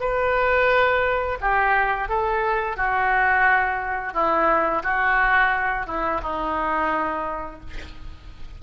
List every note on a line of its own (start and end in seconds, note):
0.00 1.38 B4
1.40 2.08 G4
2.08 2.76 A4
2.76 4.13 F#4
4.13 4.82 E4
4.82 5.86 F#4
5.86 6.20 E4
6.22 7.60 D#4